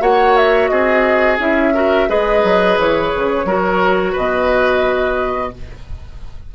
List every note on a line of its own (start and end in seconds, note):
0.00 0.69 A#3
0.00 1.38 F#4
0.00 0.70 C#5
0.00 0.36 F#5
0.36 0.68 E5
0.68 1.38 C4
0.68 1.74 G#4
0.68 1.37 D#5
1.38 2.07 C#4
1.38 1.74 E4
1.38 2.09 E5
1.74 2.08 F#4
1.74 2.08 A#4
2.08 2.43 G#3
2.08 3.46 G#4
2.08 3.46 B4
2.08 2.78 D#5
2.43 2.77 F#3
2.77 3.12 E3
2.77 4.16 C#5
3.15 3.44 C#3
3.44 4.13 F#3
3.44 5.53 F#4
3.44 4.12 A#4
4.12 5.54 B2
4.12 5.50 B4
4.12 5.54 D#5